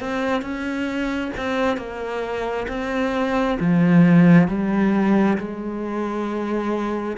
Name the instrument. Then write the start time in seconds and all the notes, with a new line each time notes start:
cello
0.00 C4
0.42 C#4
1.37 C4
1.77 A#3
2.68 C4
3.59 F3
4.48 G3
5.38 G#3